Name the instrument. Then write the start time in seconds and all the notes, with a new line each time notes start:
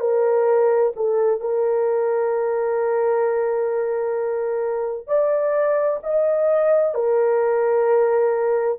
horn
0.00 A#4
0.96 A4
1.40 A#4
5.07 D5
6.03 D#5
6.94 A#4